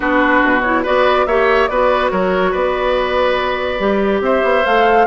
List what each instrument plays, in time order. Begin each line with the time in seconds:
0.00 bassoon B3, clarinet D4, oboe F#4, flute B4
0.43 bassoon B2
0.62 clarinet E4, flute C#5
0.83 bassoon B3, clarinet F#4, oboe B4, flute D5
1.26 bassoon A#3, clarinet G4, oboe C#5, flute E5
1.67 bassoon B3, clarinet F#4, oboe B4, flute D5
2.10 bassoon F#3, oboe A#4, flute C#5
2.51 bassoon B3, oboe B4, flute D5
3.78 bassoon G3, clarinet G4
4.21 bassoon C4, oboe C5, flute E5
4.43 bassoon B3
4.65 bassoon A3, clarinet A4, flute F5